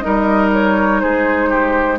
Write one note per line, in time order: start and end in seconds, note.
0.00 1.03 G3
0.00 1.98 D#4
0.00 1.02 A#4
0.00 0.49 D#5
0.53 1.00 C#5
1.00 1.99 G#3
1.00 1.50 G#4
1.00 1.98 C5
1.50 1.99 G4